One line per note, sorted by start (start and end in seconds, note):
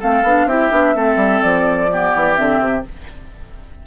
0.00 0.23 A3
0.00 0.24 C4
0.00 0.47 A4
0.00 0.49 F5
0.23 0.46 B3
0.23 0.50 D4
0.46 0.70 C4
0.46 0.71 E4
0.46 0.95 G4
0.46 1.42 E5
0.71 0.95 B3
0.71 0.95 D4
0.95 1.17 A3
0.95 1.89 C4
0.95 1.91 A4
1.17 1.40 G3
1.42 2.14 F3
1.42 2.37 D5
1.92 2.35 B3
1.92 2.87 G4
2.15 2.39 E3
2.35 2.60 D3
2.35 2.83 C4
2.35 2.84 E5
2.60 2.84 C3